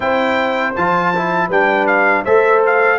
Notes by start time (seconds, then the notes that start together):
0.00 C4 E4 C5 G5
0.75 F3 F4 A5
1.15 E4
1.47 G3 D4 B4 G5
1.87 F5
2.24 A3 A4 C5 E5
2.66 F5